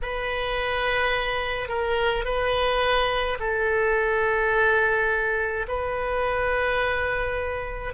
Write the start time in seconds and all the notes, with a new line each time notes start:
0.02 B4
1.68 A#4
2.24 B4
3.40 A4
5.68 B4